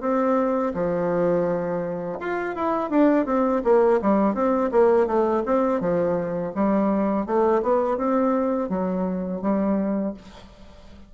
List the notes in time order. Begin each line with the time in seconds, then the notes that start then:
0.00 C4
0.74 F3
2.19 F4
2.55 E4
2.90 D4
3.25 C4
3.63 A#3
4.01 G3
4.34 C4
4.72 A#3
5.06 A3
5.45 C4
5.80 F3
6.55 G3
7.26 A3
7.62 B3
7.97 C4
8.69 F#3
9.41 G3